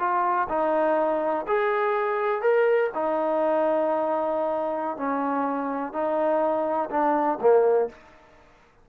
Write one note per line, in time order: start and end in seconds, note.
0.00 0.48 F4
0.49 1.46 D#4
1.48 2.42 G#4
2.42 2.91 A#4
2.95 4.98 D#4
4.98 5.93 C#4
5.93 6.90 D#4
6.91 7.39 D4
7.41 7.90 A#3